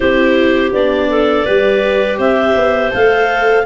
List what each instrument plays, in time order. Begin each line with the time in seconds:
0.00 tuba C4, viola E4, clarinet G4 C5
0.72 tuba B3, viola D4, clarinet D5
1.10 clarinet A4
1.45 tuba G3, viola G4, clarinet B4
2.17 tuba C4, clarinet C5 E5
2.55 tuba B3
2.90 tuba A3, viola A4, clarinet F5